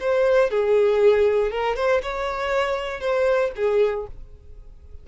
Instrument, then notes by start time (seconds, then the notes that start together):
violin
0.00 C5
0.51 G#4
1.51 A#4
1.76 C5
2.02 C#5
3.00 C5
3.56 G#4